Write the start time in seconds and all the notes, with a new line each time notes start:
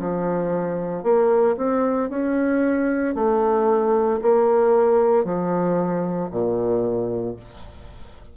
0.00 F3
1.04 A#3
1.57 C4
2.10 C#4
3.15 A3
4.22 A#3
5.25 F3
6.31 A#2